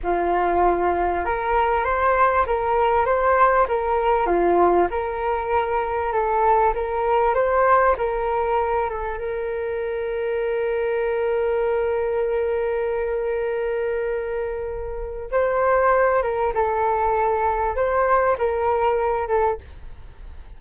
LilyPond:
\new Staff \with { instrumentName = "flute" } { \time 4/4 \tempo 4 = 98 f'2 ais'4 c''4 | ais'4 c''4 ais'4 f'4 | ais'2 a'4 ais'4 | c''4 ais'4. a'8 ais'4~ |
ais'1~ | ais'1~ | ais'4 c''4. ais'8 a'4~ | a'4 c''4 ais'4. a'8 | }